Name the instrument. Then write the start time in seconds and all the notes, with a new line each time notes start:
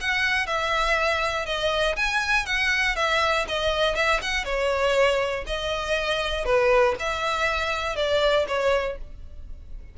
violin
0.00 F#5
0.47 E5
1.46 D#5
1.96 G#5
2.46 F#5
2.96 E5
3.48 D#5
3.95 E5
4.22 F#5
4.45 C#5
5.46 D#5
6.45 B4
6.99 E5
7.96 D5
8.47 C#5